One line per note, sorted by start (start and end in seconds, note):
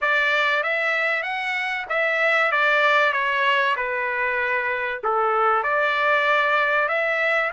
0.01 0.63 D5
0.63 1.22 E5
1.22 1.85 F#5
1.89 2.51 E5
2.51 3.12 D5
3.12 3.75 C#5
3.76 5.01 B4
5.03 5.63 A4
5.63 6.88 D5
6.88 7.50 E5